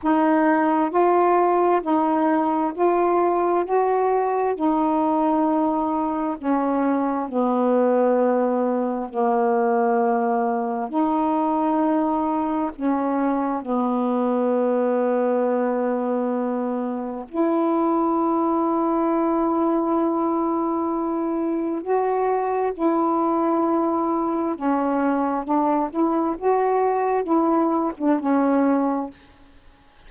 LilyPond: \new Staff \with { instrumentName = "saxophone" } { \time 4/4 \tempo 4 = 66 dis'4 f'4 dis'4 f'4 | fis'4 dis'2 cis'4 | b2 ais2 | dis'2 cis'4 b4~ |
b2. e'4~ | e'1 | fis'4 e'2 cis'4 | d'8 e'8 fis'4 e'8. d'16 cis'4 | }